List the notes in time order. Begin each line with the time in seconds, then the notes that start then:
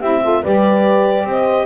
0.00 C4 E4 G4 E5
0.22 F4 A4
0.43 G3 G4 B4 D5
1.24 C4 C5
1.31 D#5